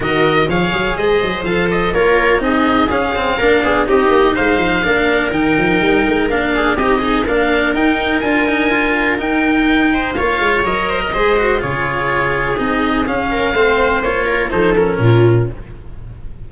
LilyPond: <<
  \new Staff \with { instrumentName = "oboe" } { \time 4/4 \tempo 4 = 124 dis''4 f''4 dis''4 f''8 dis''8 | cis''4 dis''4 f''2 | dis''4 f''2 g''4~ | g''4 f''4 dis''4 f''4 |
g''4 gis''2 g''4~ | g''4 f''4 dis''2 | cis''2 dis''4 f''4~ | f''4 cis''4 c''8 ais'4. | }
  \new Staff \with { instrumentName = "viola" } { \time 4/4 ais'4 cis''4 c''2 | ais'4 gis'2 ais'8 gis'8 | g'4 c''4 ais'2~ | ais'4. gis'8 g'8 dis'8 ais'4~ |
ais'1~ | ais'8 c''8 cis''4. c''16 ais'16 c''4 | gis'2.~ gis'8 ais'8 | c''4. ais'8 a'4 f'4 | }
  \new Staff \with { instrumentName = "cello" } { \time 4/4 fis'4 gis'2 a'4 | f'4 dis'4 cis'8 c'8 d'4 | dis'2 d'4 dis'4~ | dis'4 d'4 dis'8 gis'8 d'4 |
dis'4 f'8 dis'8 f'4 dis'4~ | dis'4 f'4 ais'4 gis'8 fis'8 | f'2 dis'4 cis'4 | c'4 f'4 dis'8 cis'4. | }
  \new Staff \with { instrumentName = "tuba" } { \time 4/4 dis4 f8 fis8 gis8 fis8 f4 | ais4 c'4 cis'4 ais8 b8 | c'8 ais8 gis8 f8 ais4 dis8 f8 | g8 gis8 ais4 c'4 ais4 |
dis'4 d'2 dis'4~ | dis'4 ais8 gis8 fis4 gis4 | cis2 c'4 cis'4 | a4 ais4 f4 ais,4 | }
>>